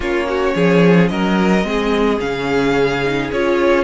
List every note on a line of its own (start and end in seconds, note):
0.00 0.53 A#3
0.00 1.63 C#4
0.00 0.26 F4
0.00 1.08 C#5
0.28 0.54 F#4
0.54 1.10 F3
0.54 1.10 G#4
1.08 1.63 F#3
1.08 1.66 A#4
1.08 2.18 D#5
1.63 2.18 G#3
1.63 2.18 C4
1.63 3.83 G#4
2.19 3.30 C#3
2.19 3.02 C#4
2.19 3.30 F5
3.04 3.32 D#4
3.32 3.83 C#4
3.32 3.83 F4
3.32 3.83 C#5